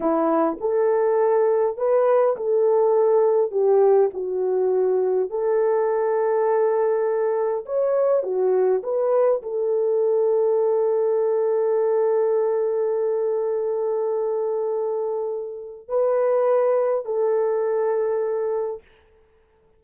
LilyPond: \new Staff \with { instrumentName = "horn" } { \time 4/4 \tempo 4 = 102 e'4 a'2 b'4 | a'2 g'4 fis'4~ | fis'4 a'2.~ | a'4 cis''4 fis'4 b'4 |
a'1~ | a'1~ | a'2. b'4~ | b'4 a'2. | }